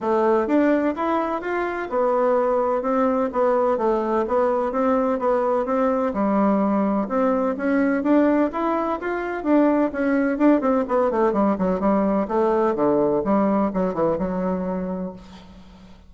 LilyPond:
\new Staff \with { instrumentName = "bassoon" } { \time 4/4 \tempo 4 = 127 a4 d'4 e'4 f'4 | b2 c'4 b4 | a4 b4 c'4 b4 | c'4 g2 c'4 |
cis'4 d'4 e'4 f'4 | d'4 cis'4 d'8 c'8 b8 a8 | g8 fis8 g4 a4 d4 | g4 fis8 e8 fis2 | }